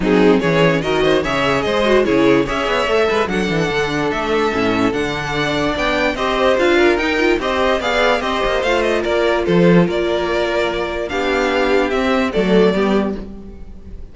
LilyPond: <<
  \new Staff \with { instrumentName = "violin" } { \time 4/4 \tempo 4 = 146 gis'4 cis''4 dis''4 e''4 | dis''4 cis''4 e''2 | fis''2 e''2 | fis''2 g''4 dis''4 |
f''4 g''4 dis''4 f''4 | dis''4 f''8 dis''8 d''4 c''4 | d''2. f''4~ | f''4 e''4 d''2 | }
  \new Staff \with { instrumentName = "violin" } { \time 4/4 dis'4 gis'4 ais'8 c''8 cis''4 | c''4 gis'4 cis''4. b'8 | a'1~ | a'4 d''2 c''4~ |
c''8 ais'4. c''4 d''4 | c''2 ais'4 a'4 | ais'2. g'4~ | g'2 a'4 g'4 | }
  \new Staff \with { instrumentName = "viola" } { \time 4/4 c'4 cis'4 fis'4 gis'4~ | gis'8 fis'8 e'4 gis'4 a'4 | d'2. cis'4 | d'2. g'4 |
f'4 dis'8 f'8 g'4 gis'4 | g'4 f'2.~ | f'2. d'4~ | d'4 c'4 a4 b4 | }
  \new Staff \with { instrumentName = "cello" } { \time 4/4 fis4 e4 dis4 cis4 | gis4 cis4 cis'8 b8 a8 gis8 | fis8 e8 d4 a4 a,4 | d2 b4 c'4 |
d'4 dis'4 c'4 b4 | c'8 ais8 a4 ais4 f4 | ais2. b4~ | b4 c'4 fis4 g4 | }
>>